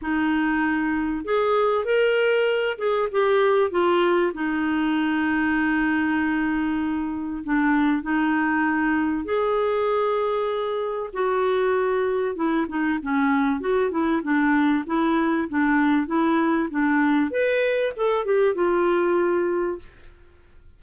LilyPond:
\new Staff \with { instrumentName = "clarinet" } { \time 4/4 \tempo 4 = 97 dis'2 gis'4 ais'4~ | ais'8 gis'8 g'4 f'4 dis'4~ | dis'1 | d'4 dis'2 gis'4~ |
gis'2 fis'2 | e'8 dis'8 cis'4 fis'8 e'8 d'4 | e'4 d'4 e'4 d'4 | b'4 a'8 g'8 f'2 | }